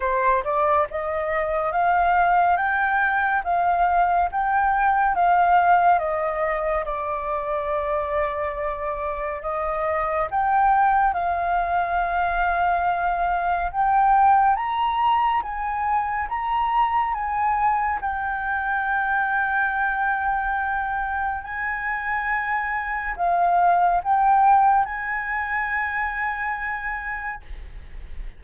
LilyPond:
\new Staff \with { instrumentName = "flute" } { \time 4/4 \tempo 4 = 70 c''8 d''8 dis''4 f''4 g''4 | f''4 g''4 f''4 dis''4 | d''2. dis''4 | g''4 f''2. |
g''4 ais''4 gis''4 ais''4 | gis''4 g''2.~ | g''4 gis''2 f''4 | g''4 gis''2. | }